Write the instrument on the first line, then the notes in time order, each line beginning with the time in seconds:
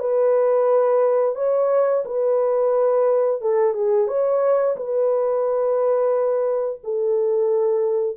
horn
0.00 B4
1.35 C#5
2.05 B4
3.41 A4
3.74 G#4
4.08 C#5
4.76 B4
6.84 A4